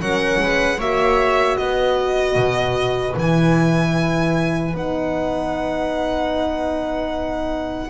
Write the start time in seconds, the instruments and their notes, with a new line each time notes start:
0.00 double bass F#3, horn C#4, viola A#4, violin F#5
0.40 double bass G#3, viola B4
0.78 double bass A#3, horn F#4, viola C#5, violin E5
1.57 double bass B3, viola B4, violin D#5
2.36 double bass B2
3.17 double bass E3, horn E4, violin G#5
4.74 double bass B3, horn D#4, violin F#5